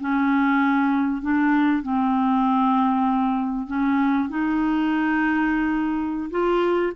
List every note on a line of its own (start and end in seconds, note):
0.00 1.21 C#4
1.21 1.82 D4
1.82 3.67 C4
3.67 4.28 C#4
4.29 6.30 D#4
6.30 6.92 F4